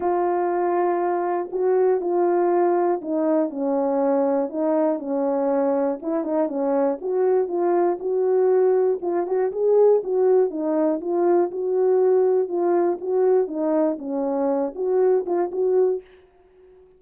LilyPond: \new Staff \with { instrumentName = "horn" } { \time 4/4 \tempo 4 = 120 f'2. fis'4 | f'2 dis'4 cis'4~ | cis'4 dis'4 cis'2 | e'8 dis'8 cis'4 fis'4 f'4 |
fis'2 f'8 fis'8 gis'4 | fis'4 dis'4 f'4 fis'4~ | fis'4 f'4 fis'4 dis'4 | cis'4. fis'4 f'8 fis'4 | }